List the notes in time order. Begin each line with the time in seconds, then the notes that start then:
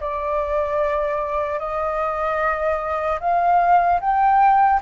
0.00 D5
1.59 D#5
3.20 F5
4.00 G5